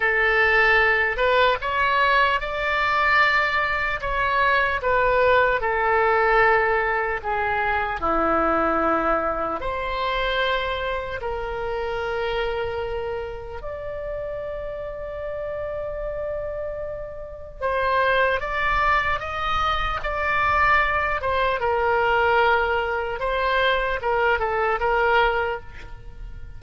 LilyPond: \new Staff \with { instrumentName = "oboe" } { \time 4/4 \tempo 4 = 75 a'4. b'8 cis''4 d''4~ | d''4 cis''4 b'4 a'4~ | a'4 gis'4 e'2 | c''2 ais'2~ |
ais'4 d''2.~ | d''2 c''4 d''4 | dis''4 d''4. c''8 ais'4~ | ais'4 c''4 ais'8 a'8 ais'4 | }